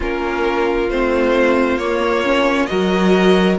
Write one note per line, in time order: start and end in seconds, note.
0.00 0.90 A#3
0.00 0.89 C#4
0.00 2.68 F4
0.00 0.89 A#4
0.89 1.76 A3
0.89 1.79 C4
0.89 1.77 C5
1.76 2.66 A#3
1.76 2.24 A#3
1.76 2.66 C#5
2.24 2.68 C#4
2.66 3.58 F#3
2.66 3.57 F#4
2.66 3.58 A#4
2.66 3.55 D#5